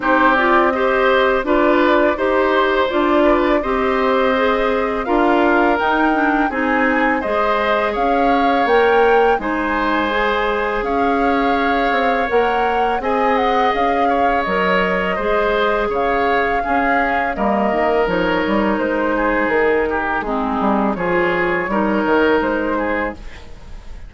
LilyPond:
<<
  \new Staff \with { instrumentName = "flute" } { \time 4/4 \tempo 4 = 83 c''8 d''8 dis''4 d''4 c''4 | d''4 dis''2 f''4 | g''4 gis''4 dis''4 f''4 | g''4 gis''2 f''4~ |
f''4 fis''4 gis''8 fis''8 f''4 | dis''2 f''2 | dis''4 cis''4 c''4 ais'4 | gis'4 cis''2 c''4 | }
  \new Staff \with { instrumentName = "oboe" } { \time 4/4 g'4 c''4 b'4 c''4~ | c''8 b'8 c''2 ais'4~ | ais'4 gis'4 c''4 cis''4~ | cis''4 c''2 cis''4~ |
cis''2 dis''4. cis''8~ | cis''4 c''4 cis''4 gis'4 | ais'2~ ais'8 gis'4 g'8 | dis'4 gis'4 ais'4. gis'8 | }
  \new Staff \with { instrumentName = "clarinet" } { \time 4/4 dis'8 f'8 g'4 f'4 g'4 | f'4 g'4 gis'4 f'4 | dis'8 d'8 dis'4 gis'2 | ais'4 dis'4 gis'2~ |
gis'4 ais'4 gis'2 | ais'4 gis'2 cis'4 | ais4 dis'2. | c'4 f'4 dis'2 | }
  \new Staff \with { instrumentName = "bassoon" } { \time 4/4 c'2 d'4 dis'4 | d'4 c'2 d'4 | dis'4 c'4 gis4 cis'4 | ais4 gis2 cis'4~ |
cis'8 c'8 ais4 c'4 cis'4 | fis4 gis4 cis4 cis'4 | g8 dis8 f8 g8 gis4 dis4 | gis8 g8 f4 g8 dis8 gis4 | }
>>